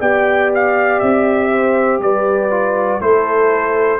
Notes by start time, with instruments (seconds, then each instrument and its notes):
0.00 tuba B3, trombone G4, horn D5, trumpet G5
0.55 trumpet F5
1.00 tuba C4, trumpet E5
1.50 horn C5
2.00 tuba G3, horn B4, trumpet D5
2.51 trombone F4
3.00 tuba A3, trombone E4, horn A4, trumpet C5